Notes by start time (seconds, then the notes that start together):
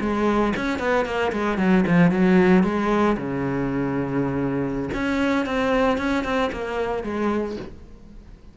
0.00 G#3
0.56 C#4
0.78 B3
1.05 A#3
1.32 G#3
1.57 F#3
1.87 F3
2.11 F#3
2.63 G#3
3.17 C#3
4.93 C#4
5.45 C4
5.98 C#4
6.24 C4
6.52 A#3
7.03 G#3